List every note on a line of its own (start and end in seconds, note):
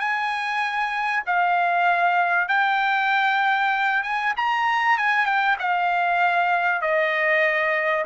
0.00 1.24 G#5
1.26 2.49 F5
2.49 4.03 G5
4.03 4.34 G#5
4.37 4.98 A#5
4.98 5.26 G#5
5.26 5.57 G5
5.59 6.82 F5
6.82 8.05 D#5